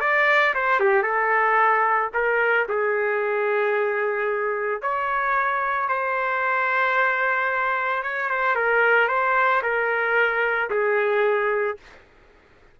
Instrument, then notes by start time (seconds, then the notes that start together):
trumpet
0.00 D5
0.55 C5
0.80 G4
1.03 A4
2.14 A#4
2.68 G#4
4.82 C#5
5.89 C5
8.03 C#5
8.30 C5
8.55 A#4
9.08 C5
9.62 A#4
10.70 G#4